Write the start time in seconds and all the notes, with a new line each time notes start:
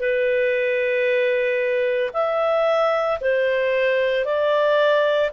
0.00 B4
2.14 E5
3.21 C5
4.25 D5